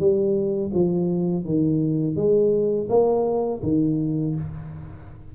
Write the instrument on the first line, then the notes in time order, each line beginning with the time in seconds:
tuba
0.00 G3
0.74 F3
1.45 D#3
2.16 G#3
2.89 A#3
3.63 D#3